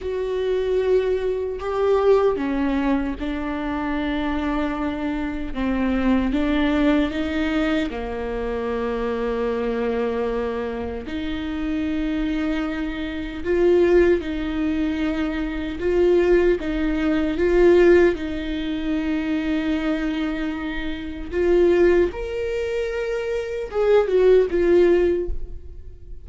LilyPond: \new Staff \with { instrumentName = "viola" } { \time 4/4 \tempo 4 = 76 fis'2 g'4 cis'4 | d'2. c'4 | d'4 dis'4 ais2~ | ais2 dis'2~ |
dis'4 f'4 dis'2 | f'4 dis'4 f'4 dis'4~ | dis'2. f'4 | ais'2 gis'8 fis'8 f'4 | }